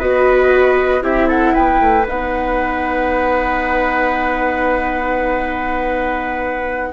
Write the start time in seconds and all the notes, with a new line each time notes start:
0.00 B3 F#4 B4 D#5
1.02 C4 E4 G4 E5
1.28 A4 F#5
1.54 B3 B4 G5
1.80 A3
2.08 B3 D#4 F#5